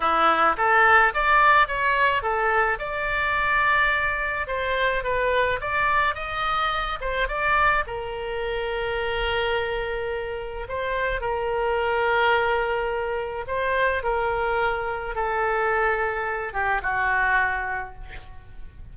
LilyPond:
\new Staff \with { instrumentName = "oboe" } { \time 4/4 \tempo 4 = 107 e'4 a'4 d''4 cis''4 | a'4 d''2. | c''4 b'4 d''4 dis''4~ | dis''8 c''8 d''4 ais'2~ |
ais'2. c''4 | ais'1 | c''4 ais'2 a'4~ | a'4. g'8 fis'2 | }